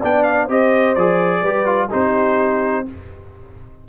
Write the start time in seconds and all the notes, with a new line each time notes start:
0.00 B3 D4 D5 G5
0.24 F5
0.44 C4 G4 C5
0.51 D#5
0.95 F3 G#4 D5
1.42 G3 G4 B4
1.66 F4
1.91 C4 D#4 G4 C5